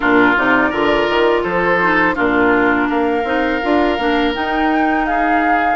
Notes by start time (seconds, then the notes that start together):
0.00 A#2 D4 F4 A#4
0.36 C3 D#4 D5
0.69 D3 F4 A#4
1.09 D#3
1.43 F3 A4 C5
1.81 D#4
2.14 A#2 D4 F4 A#4
2.89 A#3 A#4 F5
3.24 C4 D#4
3.62 D4 F4
3.98 A#3 D4
4.34 D#4 G5
5.05 G#4 F5